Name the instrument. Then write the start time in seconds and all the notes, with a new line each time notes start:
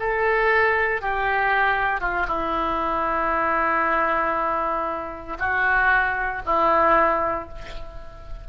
oboe
0.00 A4
1.02 G4
2.01 F4
2.28 E4
5.39 F#4
6.46 E4